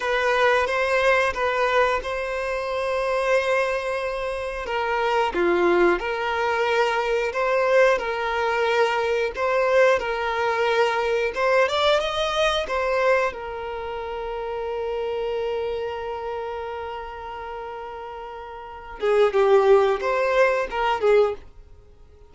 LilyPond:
\new Staff \with { instrumentName = "violin" } { \time 4/4 \tempo 4 = 90 b'4 c''4 b'4 c''4~ | c''2. ais'4 | f'4 ais'2 c''4 | ais'2 c''4 ais'4~ |
ais'4 c''8 d''8 dis''4 c''4 | ais'1~ | ais'1~ | ais'8 gis'8 g'4 c''4 ais'8 gis'8 | }